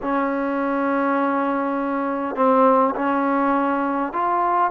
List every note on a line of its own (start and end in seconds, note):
0.02 2.35 C#4
2.35 2.94 C4
2.95 4.12 C#4
4.13 4.71 F4